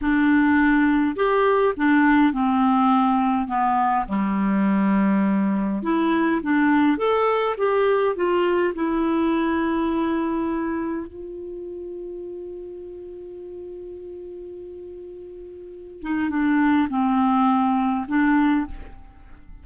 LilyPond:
\new Staff \with { instrumentName = "clarinet" } { \time 4/4 \tempo 4 = 103 d'2 g'4 d'4 | c'2 b4 g4~ | g2 e'4 d'4 | a'4 g'4 f'4 e'4~ |
e'2. f'4~ | f'1~ | f'2.~ f'8 dis'8 | d'4 c'2 d'4 | }